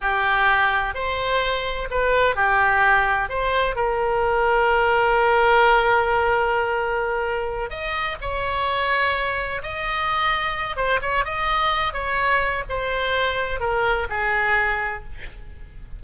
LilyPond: \new Staff \with { instrumentName = "oboe" } { \time 4/4 \tempo 4 = 128 g'2 c''2 | b'4 g'2 c''4 | ais'1~ | ais'1~ |
ais'8 dis''4 cis''2~ cis''8~ | cis''8 dis''2~ dis''8 c''8 cis''8 | dis''4. cis''4. c''4~ | c''4 ais'4 gis'2 | }